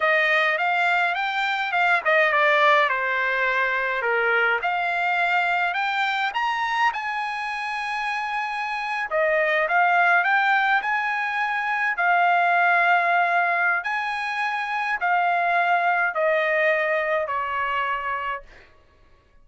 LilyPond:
\new Staff \with { instrumentName = "trumpet" } { \time 4/4 \tempo 4 = 104 dis''4 f''4 g''4 f''8 dis''8 | d''4 c''2 ais'4 | f''2 g''4 ais''4 | gis''2.~ gis''8. dis''16~ |
dis''8. f''4 g''4 gis''4~ gis''16~ | gis''8. f''2.~ f''16 | gis''2 f''2 | dis''2 cis''2 | }